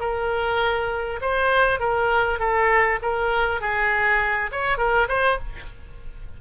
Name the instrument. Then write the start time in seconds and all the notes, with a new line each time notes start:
oboe
0.00 A#4
1.21 C5
1.79 A#4
2.39 A4
3.02 A#4
3.61 G#4
4.52 C#5
4.78 A#4
5.08 C5